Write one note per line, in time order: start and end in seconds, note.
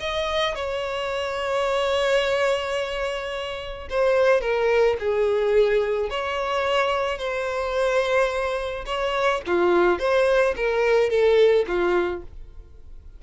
0.00 0.55 D#5
0.55 3.88 C#5
3.90 4.41 C5
4.41 4.97 A#4
4.99 6.10 G#4
6.10 7.18 C#5
7.18 8.85 C5
8.86 9.42 C#5
9.47 9.99 F4
9.99 10.55 C5
10.56 11.10 A#4
11.10 11.65 A4
11.67 12.23 F4